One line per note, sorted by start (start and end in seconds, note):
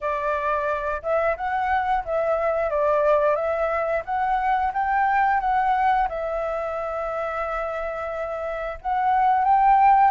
0.00 1.01 D5
1.02 1.36 E5
1.36 2.04 F#5
2.04 2.70 E5
2.70 3.35 D5
3.35 4.03 E5
4.05 4.72 F#5
4.73 5.40 G5
5.40 6.08 F#5
6.09 8.78 E5
8.81 9.44 F#5
9.44 10.10 G5